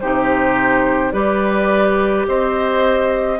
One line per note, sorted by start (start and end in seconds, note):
0.00 1.12 C3
0.00 1.12 D#4
0.00 1.12 G4
0.00 1.11 C5
1.11 2.25 G3
1.11 3.38 G4
1.11 2.26 B4
1.11 2.25 D5
2.27 3.39 C4
2.27 3.39 C5
2.27 3.39 D#5